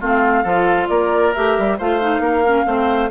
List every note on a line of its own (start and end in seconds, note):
0.00 0.44 A3
0.00 0.45 C4
0.00 0.43 F4
0.00 0.88 F5
0.43 0.88 F3
0.43 1.34 F4
0.43 0.88 A4
0.88 1.33 A#3
0.88 1.77 A#4
0.88 1.33 D5
1.34 1.58 A3
1.34 1.79 G4
1.34 1.78 E5
1.58 1.79 G3
1.77 2.19 A3
1.77 2.00 F4
1.77 2.22 C5
1.77 3.10 F5
2.00 2.44 D#4
2.19 2.64 A#3
2.19 2.66 A#4
2.45 2.65 C#4
2.65 3.10 A3
2.65 3.10 C4
2.65 3.10 C5